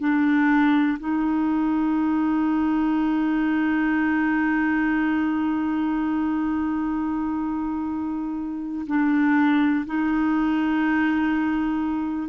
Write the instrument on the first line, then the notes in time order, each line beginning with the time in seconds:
clarinet
0.00 D4
0.99 D#4
8.87 D4
9.86 D#4